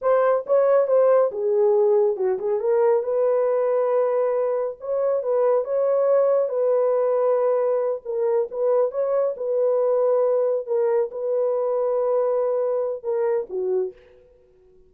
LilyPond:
\new Staff \with { instrumentName = "horn" } { \time 4/4 \tempo 4 = 138 c''4 cis''4 c''4 gis'4~ | gis'4 fis'8 gis'8 ais'4 b'4~ | b'2. cis''4 | b'4 cis''2 b'4~ |
b'2~ b'8 ais'4 b'8~ | b'8 cis''4 b'2~ b'8~ | b'8 ais'4 b'2~ b'8~ | b'2 ais'4 fis'4 | }